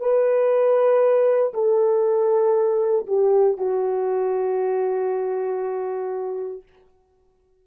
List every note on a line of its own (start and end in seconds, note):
0.00 1.53 B4
1.53 3.06 A4
3.06 3.57 G4
3.57 6.62 F#4